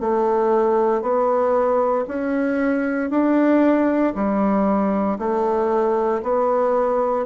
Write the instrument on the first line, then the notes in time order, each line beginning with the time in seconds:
bassoon
0.00 A3
1.02 B3
2.08 C#4
3.10 D4
4.15 G3
5.18 A3
6.23 B3